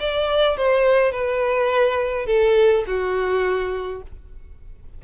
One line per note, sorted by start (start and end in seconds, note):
0.00 0.57 D5
0.57 1.12 C5
1.12 2.27 B4
2.27 2.84 A4
2.87 4.03 F#4